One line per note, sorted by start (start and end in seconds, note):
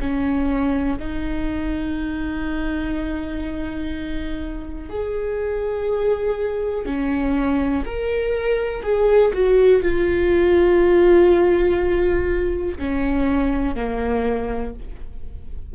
0.00 0.98 C#4
0.98 4.89 D#4
4.89 6.85 G#4
6.85 7.83 C#4
7.85 8.83 A#4
8.83 9.32 G#4
9.33 9.82 F#4
9.82 12.77 F4
12.78 13.75 C#4
13.75 14.73 A#3